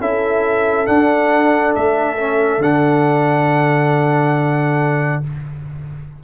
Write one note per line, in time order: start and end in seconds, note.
0.00 0.87 C#4
0.00 0.86 E4
0.00 5.22 A4
0.00 0.86 E5
0.86 2.17 D4
0.86 1.75 D4
0.86 1.73 F#5
1.75 2.58 A3
1.75 2.62 E5
2.18 2.61 C#4
2.58 5.19 D3
2.58 5.23 D4
2.58 5.23 F#5